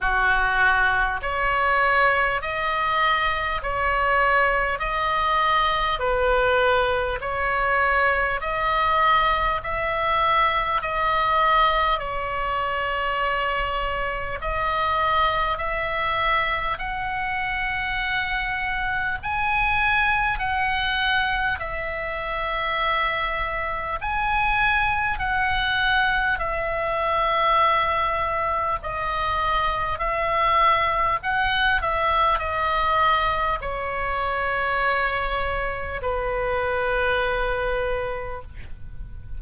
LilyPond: \new Staff \with { instrumentName = "oboe" } { \time 4/4 \tempo 4 = 50 fis'4 cis''4 dis''4 cis''4 | dis''4 b'4 cis''4 dis''4 | e''4 dis''4 cis''2 | dis''4 e''4 fis''2 |
gis''4 fis''4 e''2 | gis''4 fis''4 e''2 | dis''4 e''4 fis''8 e''8 dis''4 | cis''2 b'2 | }